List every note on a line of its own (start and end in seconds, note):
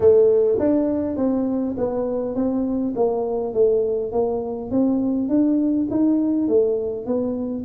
0.00 0.58 A3
0.59 1.16 D4
1.16 1.75 C4
1.77 2.35 B3
2.35 2.94 C4
2.95 3.53 A#3
3.53 4.12 A3
4.12 4.70 A#3
4.70 5.29 C4
5.29 5.87 D4
5.90 6.47 D#4
6.47 7.06 A3
7.06 7.65 B3